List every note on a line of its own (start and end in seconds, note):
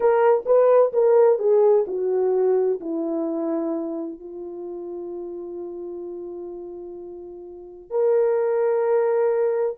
0.00 0.44 A#4
0.45 0.92 B4
0.92 1.38 A#4
1.38 1.85 G#4
1.87 2.80 F#4
2.80 4.19 E4
4.19 7.90 F4
7.90 9.76 A#4